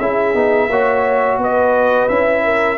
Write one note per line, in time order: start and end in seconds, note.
0.00 0.34 C#4
0.00 0.34 E4
0.00 0.70 G#4
0.00 1.40 E5
0.34 0.69 B3
0.34 0.69 D#4
0.69 1.38 A#3
0.69 2.10 F#4
0.69 1.40 C#5
1.38 2.08 B3
1.38 2.44 B4
1.38 2.09 D#5
2.09 2.78 C#4
2.09 2.78 E4
2.09 2.78 E5
2.44 2.78 A#4